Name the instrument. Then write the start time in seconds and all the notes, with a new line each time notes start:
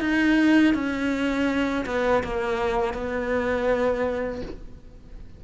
cello
0.00 D#4
0.74 C#4
1.86 B3
2.23 A#3
2.94 B3